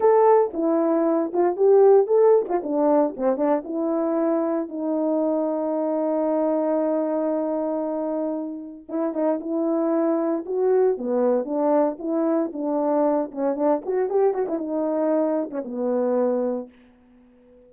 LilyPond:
\new Staff \with { instrumentName = "horn" } { \time 4/4 \tempo 4 = 115 a'4 e'4. f'8 g'4 | a'8. f'16 d'4 c'8 d'8 e'4~ | e'4 dis'2.~ | dis'1~ |
dis'4 e'8 dis'8 e'2 | fis'4 b4 d'4 e'4 | d'4. cis'8 d'8 fis'8 g'8 fis'16 e'16 | dis'4.~ dis'16 cis'16 b2 | }